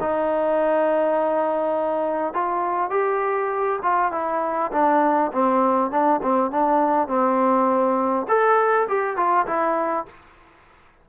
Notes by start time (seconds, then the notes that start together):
0.00 D#4
2.34 F4
2.90 G4
3.83 F4
4.12 E4
4.72 D4
5.32 C4
5.91 D4
6.22 C4
6.51 D4
7.08 C4
8.28 A4
8.88 G4
9.16 F4
9.46 E4